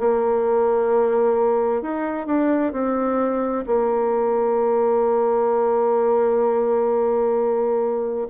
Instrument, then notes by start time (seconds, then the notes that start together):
bassoon
0.00 A#3
1.83 D#4
2.27 D4
2.73 C4
3.67 A#3